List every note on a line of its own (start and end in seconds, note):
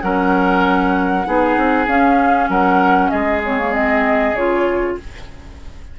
0.00 1.26 F#3
0.00 1.24 C#4
0.00 1.27 A#4
0.00 1.87 F#5
1.25 1.57 B3
1.25 1.87 D#4
1.25 2.50 G#4
1.57 1.86 C4
1.86 2.48 C#4
1.86 3.42 C#4
1.86 2.49 F5
2.48 3.10 F#3
2.48 3.11 A#4
2.48 3.09 F#5
3.09 4.33 G#3
3.09 4.96 G#4
3.09 3.40 D#5
3.44 3.59 C4
3.44 3.73 C#5
3.59 3.73 A#3
3.73 4.34 C4
3.73 4.35 D#5
4.33 4.95 C#3
4.33 4.99 F4
4.33 4.97 C#5